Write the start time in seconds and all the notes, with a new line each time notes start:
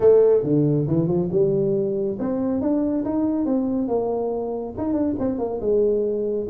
0.00 A3
0.43 D3
0.87 E3
1.07 F3
1.31 G3
2.19 C4
2.61 D4
3.05 D#4
3.45 C4
3.88 A#3
4.77 D#4
4.93 D4
5.19 C4
5.38 A#3
5.60 G#3